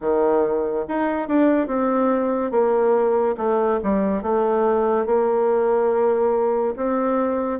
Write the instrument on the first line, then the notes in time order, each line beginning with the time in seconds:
bassoon
0.00 D#3
0.88 D#4
1.28 D4
1.67 C4
2.51 A#3
3.37 A3
3.83 G3
4.22 A3
5.06 A#3
6.76 C4